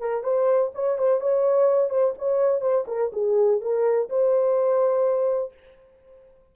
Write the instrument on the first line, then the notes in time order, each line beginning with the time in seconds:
horn
0.00 A#4
0.24 C5
0.75 C#5
0.98 C5
1.21 C#5
1.90 C5
2.18 C#5
2.61 C5
2.88 A#4
3.13 G#4
3.61 A#4
4.10 C5